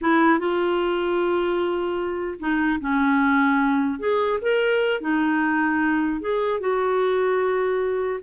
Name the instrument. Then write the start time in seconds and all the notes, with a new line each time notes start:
clarinet
0.01 E4
0.39 F4
2.39 D#4
2.80 C#4
3.99 G#4
4.41 A#4
5.01 D#4
6.21 G#4
6.59 F#4